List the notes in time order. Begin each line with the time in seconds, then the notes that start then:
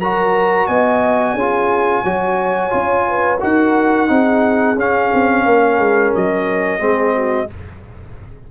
0.00 F#3 F#4 A#4 A#5
0.67 B3 D#5 G#5
1.34 C#4 F4 G#4
2.05 F#3 F#4 C#5
2.70 C#4 F4
3.09 B4
3.40 D#4 F#4 A#4 F#5
4.08 C4 D#4 G#4
4.76 C#4 F5
5.14 C4
5.46 A#3 A#4
5.79 G#3
6.15 F#3 D#5
6.80 G#3 C4 G#4
7.15 F#4